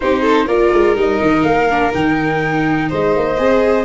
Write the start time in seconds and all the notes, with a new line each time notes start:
0.00 C4 D#4 G4 C5
0.21 A4
0.46 A#3 F4 A#4 D5
0.72 G#3
0.95 G3 D#4 D#5
1.21 D#3
1.43 A#3 F5
1.70 D4
1.92 D#3 D#4 G5
2.89 G#3 C5 D#5
3.16 A#3
3.37 C4 G#4